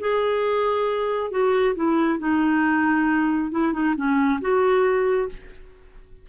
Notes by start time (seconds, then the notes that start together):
0.00 G#4
1.31 F#4
1.75 E4
2.19 D#4
3.51 E4
3.73 D#4
3.96 C#4
4.41 F#4